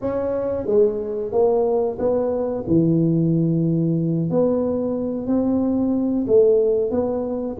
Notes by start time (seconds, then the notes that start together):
0.01 C#4
0.66 G#3
1.32 A#3
1.98 B3
2.67 E3
4.29 B3
5.26 C4
6.27 A3
6.91 B3